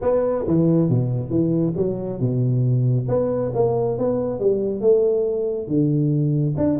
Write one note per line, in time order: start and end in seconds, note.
0.01 0.45 B3
0.47 0.89 E3
0.89 1.29 B2
1.29 1.73 E3
1.76 2.20 F#3
2.20 3.07 B2
3.08 3.52 B3
3.54 3.98 A#3
3.98 4.39 B3
4.39 4.80 G3
4.80 5.67 A3
5.67 6.55 D3
6.57 6.79 D4